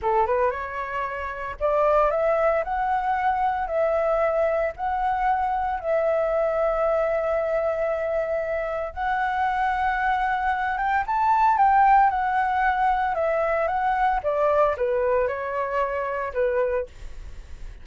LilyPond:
\new Staff \with { instrumentName = "flute" } { \time 4/4 \tempo 4 = 114 a'8 b'8 cis''2 d''4 | e''4 fis''2 e''4~ | e''4 fis''2 e''4~ | e''1~ |
e''4 fis''2.~ | fis''8 g''8 a''4 g''4 fis''4~ | fis''4 e''4 fis''4 d''4 | b'4 cis''2 b'4 | }